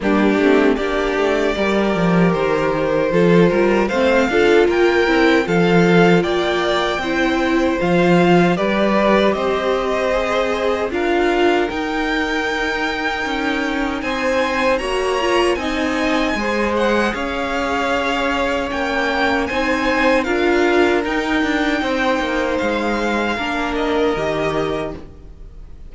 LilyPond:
<<
  \new Staff \with { instrumentName = "violin" } { \time 4/4 \tempo 4 = 77 g'4 d''2 c''4~ | c''4 f''4 g''4 f''4 | g''2 f''4 d''4 | dis''2 f''4 g''4~ |
g''2 gis''4 ais''4 | gis''4. fis''8 f''2 | g''4 gis''4 f''4 g''4~ | g''4 f''4. dis''4. | }
  \new Staff \with { instrumentName = "violin" } { \time 4/4 d'4 g'4 ais'2 | a'8 ais'8 c''8 a'8 ais'4 a'4 | d''4 c''2 b'4 | c''2 ais'2~ |
ais'2 c''4 cis''4 | dis''4 c''4 cis''2~ | cis''4 c''4 ais'2 | c''2 ais'2 | }
  \new Staff \with { instrumentName = "viola" } { \time 4/4 ais8 c'8 d'4 g'2 | f'4 c'8 f'4 e'8 f'4~ | f'4 e'4 f'4 g'4~ | g'4 gis'4 f'4 dis'4~ |
dis'2. fis'8 f'8 | dis'4 gis'2. | cis'4 dis'4 f'4 dis'4~ | dis'2 d'4 g'4 | }
  \new Staff \with { instrumentName = "cello" } { \time 4/4 g8 a8 ais8 a8 g8 f8 dis4 | f8 g8 a8 d'8 ais8 c'8 f4 | ais4 c'4 f4 g4 | c'2 d'4 dis'4~ |
dis'4 cis'4 c'4 ais4 | c'4 gis4 cis'2 | ais4 c'4 d'4 dis'8 d'8 | c'8 ais8 gis4 ais4 dis4 | }
>>